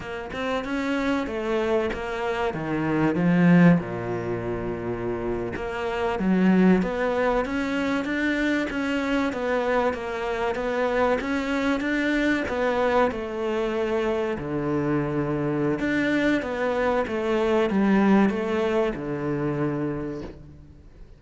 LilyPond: \new Staff \with { instrumentName = "cello" } { \time 4/4 \tempo 4 = 95 ais8 c'8 cis'4 a4 ais4 | dis4 f4 ais,2~ | ais,8. ais4 fis4 b4 cis'16~ | cis'8. d'4 cis'4 b4 ais16~ |
ais8. b4 cis'4 d'4 b16~ | b8. a2 d4~ d16~ | d4 d'4 b4 a4 | g4 a4 d2 | }